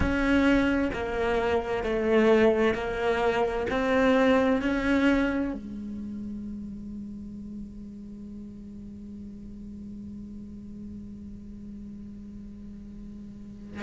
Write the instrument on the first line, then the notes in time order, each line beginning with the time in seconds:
cello
0.00 C#4
0.93 A#3
1.83 A3
2.74 A#3
3.70 C4
4.61 C#4
5.53 G#3